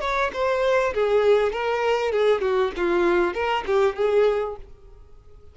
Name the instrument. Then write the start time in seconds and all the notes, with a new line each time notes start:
violin
0.00 C#5
0.33 C5
0.94 G#4
1.52 A#4
2.12 G#4
2.41 F#4
2.76 F4
3.33 A#4
3.66 G4
3.95 G#4